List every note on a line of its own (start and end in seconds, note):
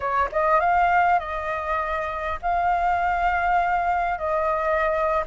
0.00 0.28 C#5
0.32 0.60 D#5
0.60 1.19 F5
1.19 2.39 D#5
2.42 4.18 F5
4.18 5.23 D#5